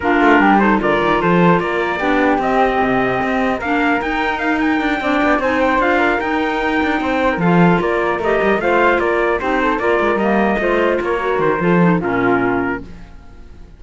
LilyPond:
<<
  \new Staff \with { instrumentName = "trumpet" } { \time 4/4 \tempo 4 = 150 ais'4. c''8 d''4 c''4 | d''2 dis''2~ | dis''4 f''4 g''4 f''8 g''8~ | g''4. gis''8 g''8 f''4 g''8~ |
g''2~ g''8 f''4 d''8~ | d''8 dis''4 f''4 d''4 c''8~ | c''8 d''4 dis''2 cis''8~ | cis''8 c''4. ais'2 | }
  \new Staff \with { instrumentName = "flute" } { \time 4/4 f'4 g'8 a'8 ais'4 a'4 | ais'4 g'2.~ | g'4 ais'2.~ | ais'8 d''4 c''4. ais'4~ |
ais'4. c''8. ais'16 a'4 ais'8~ | ais'4. c''4 ais'4 g'8 | a'8 ais'2 c''4 ais'8~ | ais'4 a'4 f'2 | }
  \new Staff \with { instrumentName = "clarinet" } { \time 4/4 d'4. dis'8 f'2~ | f'4 d'4 c'2~ | c'4 d'4 dis'2~ | dis'8 d'4 dis'4 f'4 dis'8~ |
dis'2~ dis'8 f'4.~ | f'8 g'4 f'2 dis'8~ | dis'8 f'4 ais4 f'4. | fis'4 f'8 dis'8 cis'2 | }
  \new Staff \with { instrumentName = "cello" } { \time 4/4 ais8 a8 g4 d8 dis8 f4 | ais4 b4 c'4 c4 | c'4 ais4 dis'2 | d'8 c'8 b8 c'4 d'4 dis'8~ |
dis'4 d'8 c'4 f4 ais8~ | ais8 a8 g8 a4 ais4 c'8~ | c'8 ais8 gis8 g4 a4 ais8~ | ais8 dis8 f4 ais,2 | }
>>